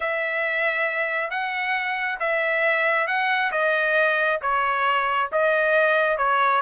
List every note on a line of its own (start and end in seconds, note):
0.00 1.30 E5
1.30 2.18 F#5
2.19 3.07 E5
3.07 3.51 F#5
3.51 4.40 D#5
4.41 5.30 C#5
5.32 6.17 D#5
6.17 6.61 C#5